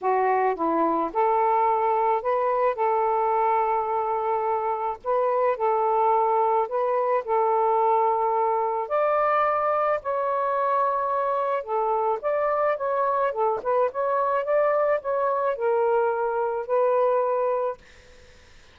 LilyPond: \new Staff \with { instrumentName = "saxophone" } { \time 4/4 \tempo 4 = 108 fis'4 e'4 a'2 | b'4 a'2.~ | a'4 b'4 a'2 | b'4 a'2. |
d''2 cis''2~ | cis''4 a'4 d''4 cis''4 | a'8 b'8 cis''4 d''4 cis''4 | ais'2 b'2 | }